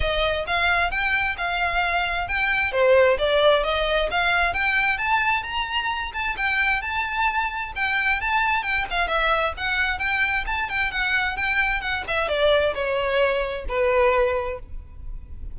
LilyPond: \new Staff \with { instrumentName = "violin" } { \time 4/4 \tempo 4 = 132 dis''4 f''4 g''4 f''4~ | f''4 g''4 c''4 d''4 | dis''4 f''4 g''4 a''4 | ais''4. a''8 g''4 a''4~ |
a''4 g''4 a''4 g''8 f''8 | e''4 fis''4 g''4 a''8 g''8 | fis''4 g''4 fis''8 e''8 d''4 | cis''2 b'2 | }